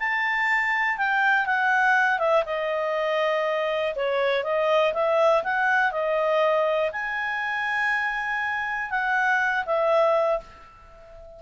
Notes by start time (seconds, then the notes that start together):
0.00 A5
0.98 G5
1.47 F#5
2.19 E5
2.46 D#5
3.96 C#5
4.44 D#5
4.94 E5
5.44 F#5
5.92 D#5
6.92 G#5
8.91 F#5
9.66 E5